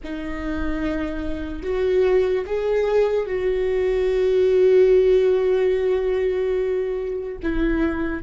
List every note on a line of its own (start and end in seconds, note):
0.03 1.63 D#4
1.63 2.45 F#4
2.46 3.26 G#4
3.26 7.37 F#4
7.42 8.22 E4